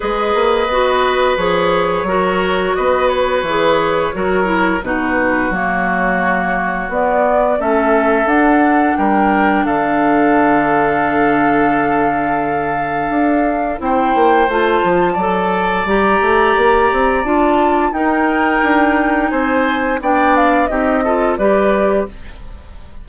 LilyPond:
<<
  \new Staff \with { instrumentName = "flute" } { \time 4/4 \tempo 4 = 87 dis''2 cis''2 | dis''8 cis''2~ cis''8 b'4 | cis''2 d''4 e''4 | fis''4 g''4 f''2~ |
f''1 | g''4 a''2 ais''4~ | ais''4 a''4 g''2 | gis''4 g''8 f''8 dis''4 d''4 | }
  \new Staff \with { instrumentName = "oboe" } { \time 4/4 b'2. ais'4 | b'2 ais'4 fis'4~ | fis'2. a'4~ | a'4 ais'4 a'2~ |
a'1 | c''2 d''2~ | d''2 ais'2 | c''4 d''4 g'8 a'8 b'4 | }
  \new Staff \with { instrumentName = "clarinet" } { \time 4/4 gis'4 fis'4 gis'4 fis'4~ | fis'4 gis'4 fis'8 e'8 dis'4 | ais2 b4 cis'4 | d'1~ |
d'1 | e'4 f'4 a'4 g'4~ | g'4 f'4 dis'2~ | dis'4 d'4 dis'8 f'8 g'4 | }
  \new Staff \with { instrumentName = "bassoon" } { \time 4/4 gis8 ais8 b4 f4 fis4 | b4 e4 fis4 b,4 | fis2 b4 a4 | d'4 g4 d2~ |
d2. d'4 | c'8 ais8 a8 f8 fis4 g8 a8 | ais8 c'8 d'4 dis'4 d'4 | c'4 b4 c'4 g4 | }
>>